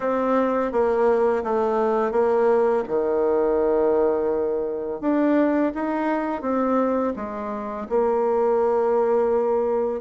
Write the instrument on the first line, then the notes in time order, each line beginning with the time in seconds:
bassoon
0.00 C4
0.71 A#3
1.43 A3
2.11 A#3
2.87 D#3
5.01 D4
5.74 D#4
6.41 C4
7.16 G#3
7.89 A#3